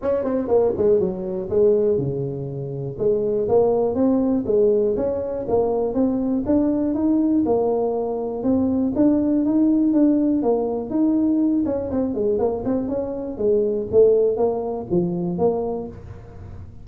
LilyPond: \new Staff \with { instrumentName = "tuba" } { \time 4/4 \tempo 4 = 121 cis'8 c'8 ais8 gis8 fis4 gis4 | cis2 gis4 ais4 | c'4 gis4 cis'4 ais4 | c'4 d'4 dis'4 ais4~ |
ais4 c'4 d'4 dis'4 | d'4 ais4 dis'4. cis'8 | c'8 gis8 ais8 c'8 cis'4 gis4 | a4 ais4 f4 ais4 | }